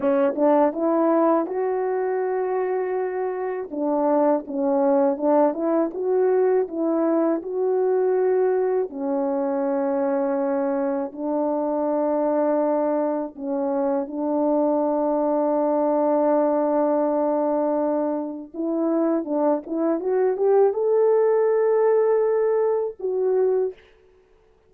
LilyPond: \new Staff \with { instrumentName = "horn" } { \time 4/4 \tempo 4 = 81 cis'8 d'8 e'4 fis'2~ | fis'4 d'4 cis'4 d'8 e'8 | fis'4 e'4 fis'2 | cis'2. d'4~ |
d'2 cis'4 d'4~ | d'1~ | d'4 e'4 d'8 e'8 fis'8 g'8 | a'2. fis'4 | }